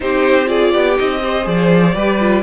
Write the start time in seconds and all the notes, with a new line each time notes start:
0.00 C4 D#4 G4 C5
0.45 F4 G#4 D5
0.73 B3 G4
0.96 C4 D#4 D#5
1.23 G4 C5
1.43 F3 G#4 D5
1.94 G3 G4 B4
2.20 F4